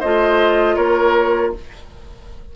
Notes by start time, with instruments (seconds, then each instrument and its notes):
0.00 bassoon A3, clarinet F4, oboe C5, flute D#5
0.76 bassoon A#3, oboe A#4, flute C#5